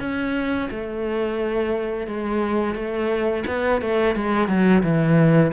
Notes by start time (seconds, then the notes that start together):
0.00 C#4
0.71 A3
2.07 G#3
2.75 A3
3.47 B3
3.81 A3
4.16 G#3
4.48 F#3
4.83 E3